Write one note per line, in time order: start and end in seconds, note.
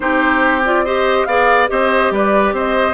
0.00 1.25 C4
0.00 0.61 D#4
0.00 0.84 G4
0.00 0.62 C5
0.65 0.86 F4
0.65 0.85 D5
0.84 1.28 G4
0.84 1.27 C5
0.84 1.25 D#5
1.25 1.68 B3
1.25 1.67 G#4
1.25 1.70 D5
1.25 1.68 F5
1.67 2.10 C4
1.67 2.93 G4
1.67 2.12 C5
1.67 2.11 D#5
2.10 2.52 G3
2.10 2.54 B4
2.10 2.54 D5
2.52 2.93 C4
2.52 2.93 C5
2.52 2.93 D#5